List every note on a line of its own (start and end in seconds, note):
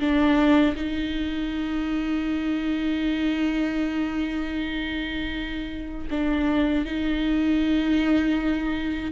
0.00 0.76 D4
0.76 6.08 D#4
6.11 6.86 D4
6.86 9.12 D#4